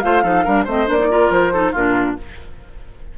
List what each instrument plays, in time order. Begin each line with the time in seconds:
0.00 bassoon A3, clarinet F4, oboe C5, flute F5
0.23 bassoon F3, clarinet D#4, oboe A4
0.44 bassoon G3, clarinet D4, oboe A#4
0.64 bassoon A3, clarinet C4, oboe C5, flute D#5
0.86 bassoon A#3, clarinet D4, flute D5
0.99 clarinet D#4
1.10 clarinet F4, oboe A#4
1.30 bassoon F3, flute C5
1.52 clarinet D#4, oboe A4
1.72 bassoon A#2, clarinet D4, oboe F4, flute A#4